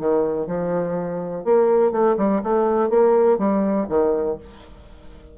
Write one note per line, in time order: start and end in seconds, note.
0.00 0.47 D#3
0.47 1.45 F3
1.45 1.92 A#3
1.92 2.16 A3
2.18 2.42 G3
2.44 2.90 A3
2.90 3.39 A#3
3.39 3.87 G3
3.89 4.38 D#3